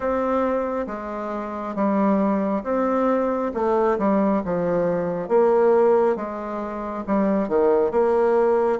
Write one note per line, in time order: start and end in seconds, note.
0.00 0.86 C4
0.87 1.74 G#3
1.74 2.63 G3
2.63 3.51 C4
3.53 3.97 A3
3.98 4.42 G3
4.44 5.28 F3
5.28 6.15 A#3
6.15 7.03 G#3
7.06 7.48 G3
7.48 7.91 D#3
7.91 8.79 A#3